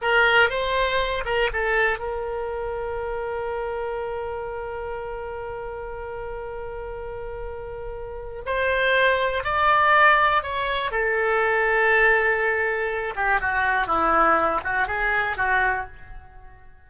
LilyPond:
\new Staff \with { instrumentName = "oboe" } { \time 4/4 \tempo 4 = 121 ais'4 c''4. ais'8 a'4 | ais'1~ | ais'1~ | ais'1~ |
ais'4 c''2 d''4~ | d''4 cis''4 a'2~ | a'2~ a'8 g'8 fis'4 | e'4. fis'8 gis'4 fis'4 | }